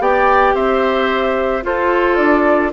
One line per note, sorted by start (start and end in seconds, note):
0.00 0.55 B3
0.00 1.63 G4
0.00 0.55 D5
0.00 0.55 G5
0.55 1.64 C4
0.55 1.64 C5
0.55 1.64 E5
1.63 2.72 F4
1.63 2.18 F4
1.63 2.73 A4
1.63 2.17 C5
2.17 2.73 D4
2.17 2.71 D5